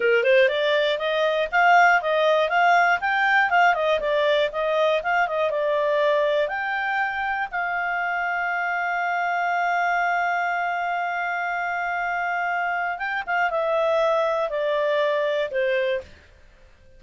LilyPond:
\new Staff \with { instrumentName = "clarinet" } { \time 4/4 \tempo 4 = 120 ais'8 c''8 d''4 dis''4 f''4 | dis''4 f''4 g''4 f''8 dis''8 | d''4 dis''4 f''8 dis''8 d''4~ | d''4 g''2 f''4~ |
f''1~ | f''1~ | f''2 g''8 f''8 e''4~ | e''4 d''2 c''4 | }